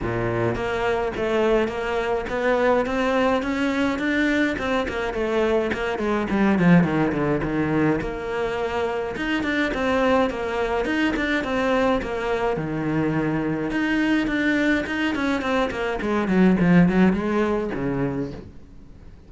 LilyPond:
\new Staff \with { instrumentName = "cello" } { \time 4/4 \tempo 4 = 105 ais,4 ais4 a4 ais4 | b4 c'4 cis'4 d'4 | c'8 ais8 a4 ais8 gis8 g8 f8 | dis8 d8 dis4 ais2 |
dis'8 d'8 c'4 ais4 dis'8 d'8 | c'4 ais4 dis2 | dis'4 d'4 dis'8 cis'8 c'8 ais8 | gis8 fis8 f8 fis8 gis4 cis4 | }